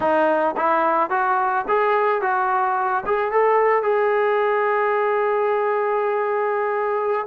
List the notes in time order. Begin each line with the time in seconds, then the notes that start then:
0.00 D#4
0.57 E4
1.10 F#4
1.68 G#4
2.21 F#4
3.06 G#4
3.31 A4
3.83 G#4